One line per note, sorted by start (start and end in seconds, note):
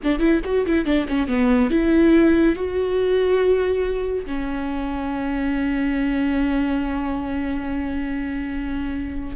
0.03 0.19 D4
0.19 0.40 E4
0.44 0.65 F#4
0.65 0.85 E4
0.85 1.06 D4
1.08 1.27 C#4
1.27 1.70 B3
1.70 2.55 E4
2.55 4.25 F#4
4.26 9.36 C#4